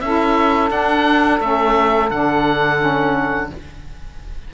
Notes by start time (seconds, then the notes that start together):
0.00 C#4 E4 A4 E5
0.69 D4 F#5
1.40 A3 C#4 E5
2.10 D3 D4 F#5
2.78 C#4